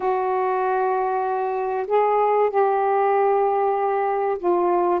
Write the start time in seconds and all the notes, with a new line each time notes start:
0.00 F#4
1.87 G#4
2.50 G4
4.38 F4